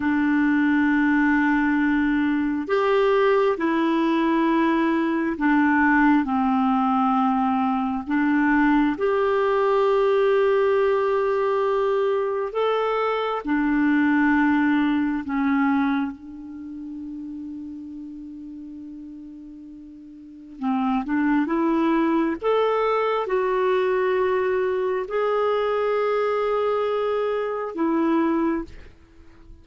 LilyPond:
\new Staff \with { instrumentName = "clarinet" } { \time 4/4 \tempo 4 = 67 d'2. g'4 | e'2 d'4 c'4~ | c'4 d'4 g'2~ | g'2 a'4 d'4~ |
d'4 cis'4 d'2~ | d'2. c'8 d'8 | e'4 a'4 fis'2 | gis'2. e'4 | }